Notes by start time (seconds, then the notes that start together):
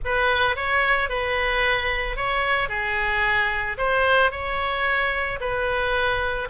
0.04 B4
0.56 C#5
1.09 B4
2.16 C#5
2.69 G#4
3.77 C5
4.31 C#5
5.40 B4